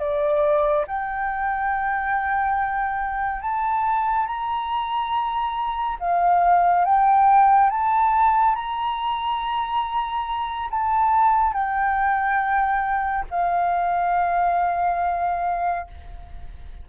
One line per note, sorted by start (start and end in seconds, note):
0.00 0.86 D5
0.88 3.42 G5
3.42 4.27 A5
4.27 5.98 A#5
6.00 6.85 F5
6.85 7.71 G5
7.71 8.56 A5
8.56 10.70 A#5
10.71 11.54 A5
11.54 13.25 G5
13.31 15.88 F5